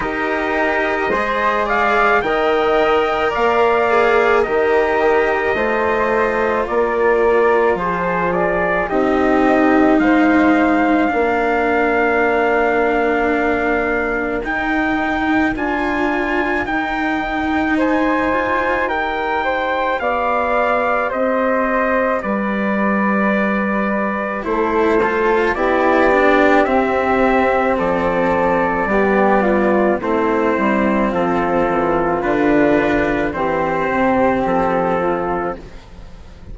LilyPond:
<<
  \new Staff \with { instrumentName = "trumpet" } { \time 4/4 \tempo 4 = 54 dis''4. f''8 g''4 f''4 | dis''2 d''4 c''8 d''8 | dis''4 f''2.~ | f''4 g''4 gis''4 g''4 |
gis''4 g''4 f''4 dis''4 | d''2 c''4 d''4 | e''4 d''2 c''4 | a'4 b'4 c''4 a'4 | }
  \new Staff \with { instrumentName = "flute" } { \time 4/4 ais'4 c''8 d''8 dis''4 d''4 | ais'4 c''4 ais'4 gis'4 | g'4 c''4 ais'2~ | ais'1 |
c''4 ais'8 c''8 d''4 c''4 | b'2 a'4 g'4~ | g'4 a'4 g'8 f'8 e'4 | f'2 g'4. f'8 | }
  \new Staff \with { instrumentName = "cello" } { \time 4/4 g'4 gis'4 ais'4. gis'8 | g'4 f'2. | dis'2 d'2~ | d'4 dis'4 f'4 dis'4~ |
dis'8 f'8 g'2.~ | g'2 e'8 f'8 e'8 d'8 | c'2 b4 c'4~ | c'4 d'4 c'2 | }
  \new Staff \with { instrumentName = "bassoon" } { \time 4/4 dis'4 gis4 dis4 ais4 | dis4 a4 ais4 f4 | c'4 gis4 ais2~ | ais4 dis'4 d'4 dis'4~ |
dis'2 b4 c'4 | g2 a4 b4 | c'4 f4 g4 a8 g8 | f8 e8 d4 e8 c8 f4 | }
>>